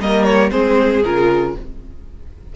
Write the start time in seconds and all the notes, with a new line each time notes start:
0.00 G3 A#3 A#4 D#5
0.24 C#5
0.51 G#3 C4 G#4 C5
1.05 C#3 F4 A#4